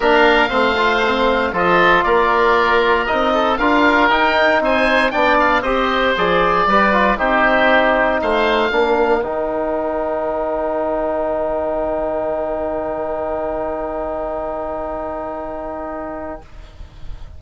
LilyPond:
<<
  \new Staff \with { instrumentName = "oboe" } { \time 4/4 \tempo 4 = 117 f''2. dis''4 | d''2 dis''4 f''4 | g''4 gis''4 g''8 f''8 dis''4 | d''2 c''2 |
f''2 g''2~ | g''1~ | g''1~ | g''1 | }
  \new Staff \with { instrumentName = "oboe" } { \time 4/4 ais'4 c''2 a'4 | ais'2~ ais'8 a'8 ais'4~ | ais'4 c''4 d''4 c''4~ | c''4 b'4 g'2 |
c''4 ais'2.~ | ais'1~ | ais'1~ | ais'1 | }
  \new Staff \with { instrumentName = "trombone" } { \time 4/4 d'4 c'8 f'8 c'4 f'4~ | f'2 dis'4 f'4 | dis'2 d'4 g'4 | gis'4 g'8 f'8 dis'2~ |
dis'4 d'4 dis'2~ | dis'1~ | dis'1~ | dis'1 | }
  \new Staff \with { instrumentName = "bassoon" } { \time 4/4 ais4 a2 f4 | ais2 c'4 d'4 | dis'4 c'4 b4 c'4 | f4 g4 c'2 |
a4 ais4 dis2~ | dis1~ | dis1~ | dis1 | }
>>